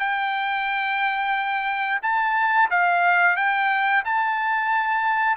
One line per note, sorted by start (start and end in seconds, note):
0.00 2.00 G5
2.03 2.69 A5
2.71 3.37 F5
3.37 4.03 G5
4.05 5.37 A5